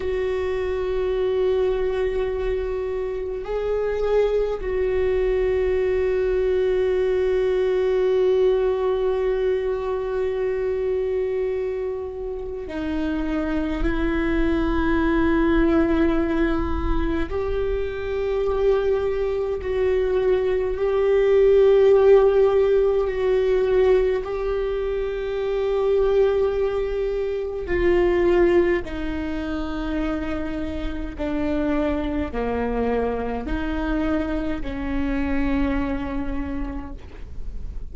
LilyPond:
\new Staff \with { instrumentName = "viola" } { \time 4/4 \tempo 4 = 52 fis'2. gis'4 | fis'1~ | fis'2. dis'4 | e'2. g'4~ |
g'4 fis'4 g'2 | fis'4 g'2. | f'4 dis'2 d'4 | ais4 dis'4 cis'2 | }